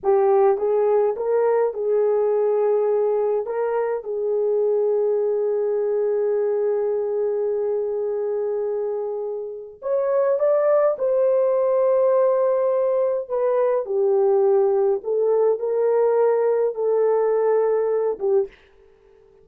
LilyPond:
\new Staff \with { instrumentName = "horn" } { \time 4/4 \tempo 4 = 104 g'4 gis'4 ais'4 gis'4~ | gis'2 ais'4 gis'4~ | gis'1~ | gis'1~ |
gis'4 cis''4 d''4 c''4~ | c''2. b'4 | g'2 a'4 ais'4~ | ais'4 a'2~ a'8 g'8 | }